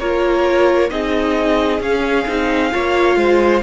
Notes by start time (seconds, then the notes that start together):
0.00 A#3 F4 A#4 C#5
0.90 C4 D#4 G#4 D#5
1.81 C#4 F5
2.28 C4 D#4
2.72 A#3 F4 C#5
3.17 G#3 C5